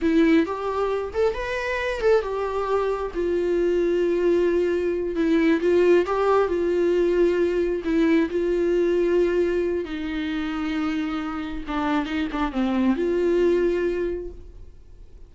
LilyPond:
\new Staff \with { instrumentName = "viola" } { \time 4/4 \tempo 4 = 134 e'4 g'4. a'8 b'4~ | b'8 a'8 g'2 f'4~ | f'2.~ f'8 e'8~ | e'8 f'4 g'4 f'4.~ |
f'4. e'4 f'4.~ | f'2 dis'2~ | dis'2 d'4 dis'8 d'8 | c'4 f'2. | }